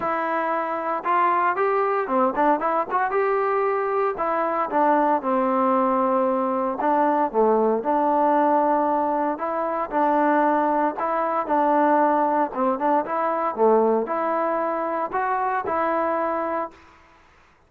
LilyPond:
\new Staff \with { instrumentName = "trombone" } { \time 4/4 \tempo 4 = 115 e'2 f'4 g'4 | c'8 d'8 e'8 fis'8 g'2 | e'4 d'4 c'2~ | c'4 d'4 a4 d'4~ |
d'2 e'4 d'4~ | d'4 e'4 d'2 | c'8 d'8 e'4 a4 e'4~ | e'4 fis'4 e'2 | }